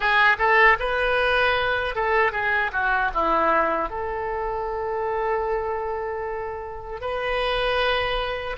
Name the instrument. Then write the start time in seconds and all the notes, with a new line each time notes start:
oboe
0.00 G#4
0.38 A4
0.79 B4
1.95 A4
2.32 G#4
2.72 F#4
3.14 E4
3.89 A4
7.01 B4